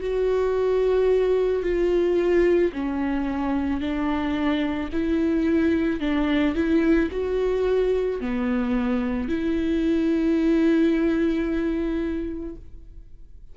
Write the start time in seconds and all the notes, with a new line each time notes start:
0.00 F#4
1.63 F4
2.73 C#4
3.80 D4
4.92 E4
6.00 D4
6.55 E4
7.11 F#4
8.20 B3
9.28 E4